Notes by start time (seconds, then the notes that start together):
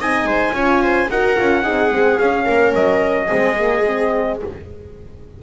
0.00 C4 D#4 D#5 G#5
0.25 G#3 C5
0.53 C#4 F4 C#5
0.83 C5
1.10 D#4 F#4 A#4 F#5
1.36 C#4 F4
1.63 C4 D#4 G#4
1.92 G#3 C4
2.19 C#4 F5
2.45 A#3 A#4
2.75 F#3 D#5
3.27 G#3 C4 G#4
3.57 A#3
3.87 C4